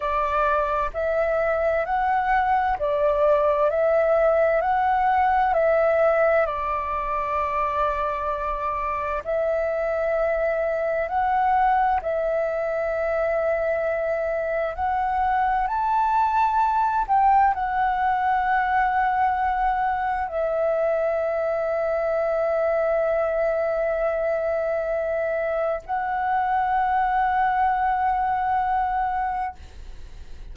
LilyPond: \new Staff \with { instrumentName = "flute" } { \time 4/4 \tempo 4 = 65 d''4 e''4 fis''4 d''4 | e''4 fis''4 e''4 d''4~ | d''2 e''2 | fis''4 e''2. |
fis''4 a''4. g''8 fis''4~ | fis''2 e''2~ | e''1 | fis''1 | }